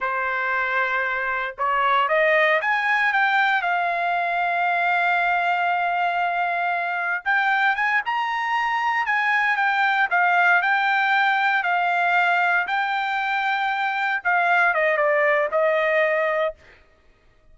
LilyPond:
\new Staff \with { instrumentName = "trumpet" } { \time 4/4 \tempo 4 = 116 c''2. cis''4 | dis''4 gis''4 g''4 f''4~ | f''1~ | f''2 g''4 gis''8 ais''8~ |
ais''4. gis''4 g''4 f''8~ | f''8 g''2 f''4.~ | f''8 g''2. f''8~ | f''8 dis''8 d''4 dis''2 | }